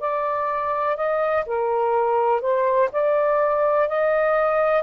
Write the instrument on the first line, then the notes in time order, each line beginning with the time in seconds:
saxophone
0.00 D5
0.97 D#5
1.46 A#4
2.41 C5
2.92 D5
3.88 D#5